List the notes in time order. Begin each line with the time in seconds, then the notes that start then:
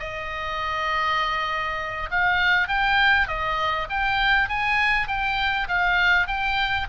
0.00 D#5
2.11 F5
2.68 G5
3.28 D#5
3.90 G5
4.49 G#5
5.08 G5
5.69 F5
6.28 G5